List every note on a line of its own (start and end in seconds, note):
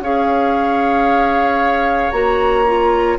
0.00 2.11 C#4
0.00 2.12 G#4
0.00 3.18 C#5
0.00 2.11 F5
2.11 3.18 A#3
2.11 2.65 F#4
2.11 3.16 A#5
2.66 3.18 F4